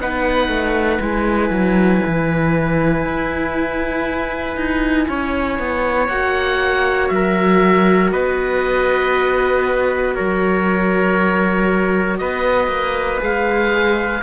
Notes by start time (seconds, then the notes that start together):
0.00 B3 D#4 B4 F#5
0.48 A3
1.01 G#3 E4 G#5
1.50 F#3
2.06 E3
3.05 E4
4.57 D#4
5.08 C#4 C#5
5.59 B3
6.08 A#3 F#4 F#5
7.08 F#3 E5
7.15 A#4
8.12 B3 B4 D#5
10.15 F#3 A#4 C#5
12.18 B3 B4 D#5
12.68 A#3
13.19 G#3 G#4 F5